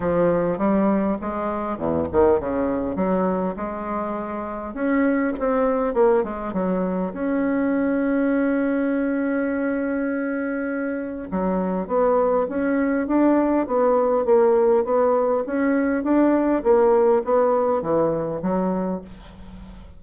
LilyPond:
\new Staff \with { instrumentName = "bassoon" } { \time 4/4 \tempo 4 = 101 f4 g4 gis4 e,8 dis8 | cis4 fis4 gis2 | cis'4 c'4 ais8 gis8 fis4 | cis'1~ |
cis'2. fis4 | b4 cis'4 d'4 b4 | ais4 b4 cis'4 d'4 | ais4 b4 e4 fis4 | }